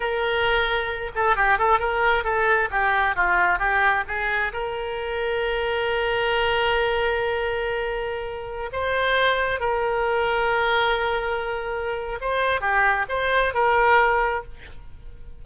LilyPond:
\new Staff \with { instrumentName = "oboe" } { \time 4/4 \tempo 4 = 133 ais'2~ ais'8 a'8 g'8 a'8 | ais'4 a'4 g'4 f'4 | g'4 gis'4 ais'2~ | ais'1~ |
ais'2.~ ais'16 c''8.~ | c''4~ c''16 ais'2~ ais'8.~ | ais'2. c''4 | g'4 c''4 ais'2 | }